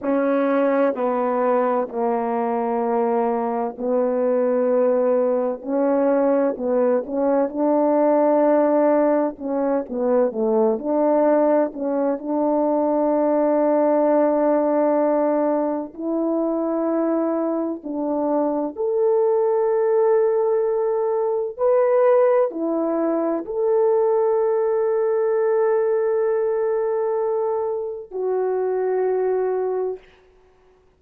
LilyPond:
\new Staff \with { instrumentName = "horn" } { \time 4/4 \tempo 4 = 64 cis'4 b4 ais2 | b2 cis'4 b8 cis'8 | d'2 cis'8 b8 a8 d'8~ | d'8 cis'8 d'2.~ |
d'4 e'2 d'4 | a'2. b'4 | e'4 a'2.~ | a'2 fis'2 | }